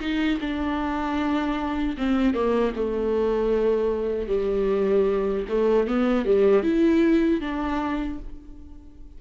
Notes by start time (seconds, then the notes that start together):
0.00 D#4
0.41 D4
1.98 C4
2.34 A#3
2.76 A3
4.28 G3
5.49 A3
5.88 B3
6.26 G3
6.63 E4
7.41 D4